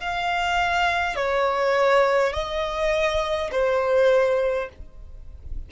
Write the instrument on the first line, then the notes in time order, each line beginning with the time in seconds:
violin
0.00 F5
1.16 C#5
2.33 D#5
3.51 C5